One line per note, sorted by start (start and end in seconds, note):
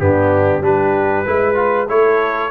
0.00 0.60 G2
0.00 0.62 B3
0.00 0.63 D4
0.00 0.63 G4
0.60 1.23 G3
0.60 1.25 D4
0.60 1.26 G4
0.60 1.89 B4
1.26 1.89 G#3
1.26 1.55 E4
1.26 1.89 B4
1.55 1.86 F4
1.88 2.51 A3
1.88 2.51 E4
1.88 2.51 A4
1.88 2.51 C#5